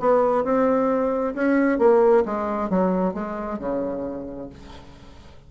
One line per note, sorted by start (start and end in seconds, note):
0.00 0.44 B3
0.44 1.35 C4
1.35 1.79 C#4
1.79 2.24 A#3
2.26 2.70 G#3
2.70 3.14 F#3
3.14 3.59 G#3
3.59 4.49 C#3